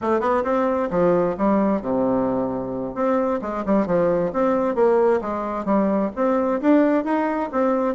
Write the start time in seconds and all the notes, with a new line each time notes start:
0.01 A3
0.20 B3
0.43 C4
0.90 F3
1.37 G3
1.81 C3
2.94 C4
3.41 G#3
3.65 G3
3.86 F3
4.32 C4
4.75 A#3
5.21 G#3
5.65 G3
6.15 C4
6.61 D4
7.04 D#4
7.51 C4